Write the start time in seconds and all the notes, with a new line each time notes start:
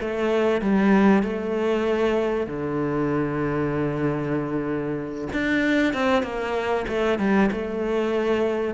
0.00 A3
0.61 G3
1.22 A3
2.47 D3
5.32 D4
5.93 C4
6.23 A#3
6.88 A3
7.18 G3
7.51 A3